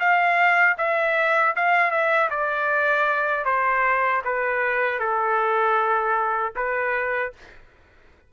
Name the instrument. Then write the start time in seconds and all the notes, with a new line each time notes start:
trumpet
0.00 F5
0.78 E5
1.56 F5
1.91 E5
2.30 D5
3.45 C5
4.25 B4
5.00 A4
6.56 B4